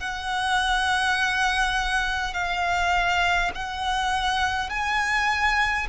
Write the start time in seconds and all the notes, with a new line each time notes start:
0.00 F#5
2.34 F5
3.55 F#5
4.70 G#5